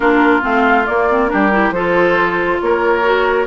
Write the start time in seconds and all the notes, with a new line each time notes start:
0.00 A#3 D4 F4 A#4
0.42 A3 C4 F5
0.86 A#3 D5
1.10 C4
1.28 G3 D4 G4 A#4
1.51 E4
1.70 F3 F4 A4 C5
2.60 A#3 A#4 C#5
3.03 F#4